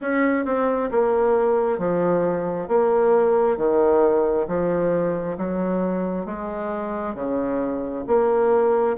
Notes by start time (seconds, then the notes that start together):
0.01 C#4
0.45 C4
0.91 A#3
1.78 F3
2.67 A#3
3.57 D#3
4.47 F3
5.37 F#3
6.25 G#3
7.14 C#3
8.07 A#3